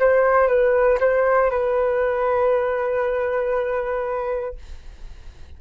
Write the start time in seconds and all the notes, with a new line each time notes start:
0.00 C5
0.48 B4
1.00 C5
1.51 B4